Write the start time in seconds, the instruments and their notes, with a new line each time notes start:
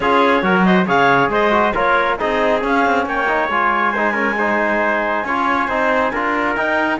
0.00 cello C#4, trombone F4, trumpet G#4, clarinet C#5
0.42 cello F#3, trombone F#4, trumpet A#4
0.65 trumpet C5, clarinet D#5
0.86 cello C#3, trombone G#4, trumpet C#5, clarinet F5
1.28 cello G#3, trumpet C5, clarinet D#5
1.50 trombone F#4
1.74 cello A#3, trombone F4, trumpet A#4, clarinet C#5
2.17 cello C4, trombone D#4, trumpet G#4, clarinet D#5
2.61 trombone C#4, cello C#4, clarinet F5
2.85 cello C4
3.05 cello A#3, trumpet C#5, clarinet G5
3.28 trombone D#4
3.49 cello G#3, trombone F4, clarinet G#5
3.92 trombone D#4, trumpet C5
4.12 trombone C#4, trumpet A#4
4.37 trombone D#4, trumpet C5
5.24 cello C#4, trombone F4, trumpet C#5
5.67 cello C4, trombone D#4, trumpet C5
6.11 cello D4, trombone F4, trumpet A#4
6.55 trombone D#4, cello D#4, clarinet G5